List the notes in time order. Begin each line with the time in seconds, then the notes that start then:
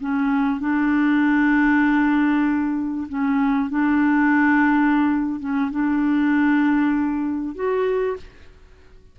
0.00 C#4
0.60 D4
3.08 C#4
3.69 D4
5.40 C#4
5.71 D4
7.55 F#4